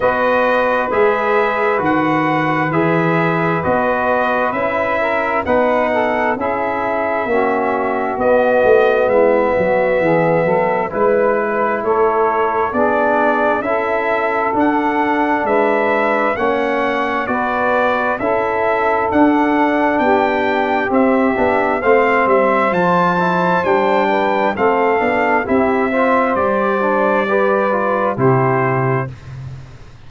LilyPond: <<
  \new Staff \with { instrumentName = "trumpet" } { \time 4/4 \tempo 4 = 66 dis''4 e''4 fis''4 e''4 | dis''4 e''4 fis''4 e''4~ | e''4 dis''4 e''2 | b'4 cis''4 d''4 e''4 |
fis''4 e''4 fis''4 d''4 | e''4 fis''4 g''4 e''4 | f''8 e''8 a''4 g''4 f''4 | e''4 d''2 c''4 | }
  \new Staff \with { instrumentName = "saxophone" } { \time 4/4 b'1~ | b'4. ais'8 b'8 a'8 gis'4 | fis'2 e'8 fis'8 gis'8 a'8 | b'4 a'4 gis'4 a'4~ |
a'4 b'4 cis''4 b'4 | a'2 g'2 | c''2~ c''8 b'8 a'4 | g'8 c''4. b'4 g'4 | }
  \new Staff \with { instrumentName = "trombone" } { \time 4/4 fis'4 gis'4 fis'4 gis'4 | fis'4 e'4 dis'4 e'4 | cis'4 b2. | e'2 d'4 e'4 |
d'2 cis'4 fis'4 | e'4 d'2 c'8 d'8 | c'4 f'8 e'8 d'4 c'8 d'8 | e'8 f'8 g'8 d'8 g'8 f'8 e'4 | }
  \new Staff \with { instrumentName = "tuba" } { \time 4/4 b4 gis4 dis4 e4 | b4 cis'4 b4 cis'4 | ais4 b8 a8 gis8 fis8 e8 fis8 | gis4 a4 b4 cis'4 |
d'4 gis4 ais4 b4 | cis'4 d'4 b4 c'8 b8 | a8 g8 f4 g4 a8 b8 | c'4 g2 c4 | }
>>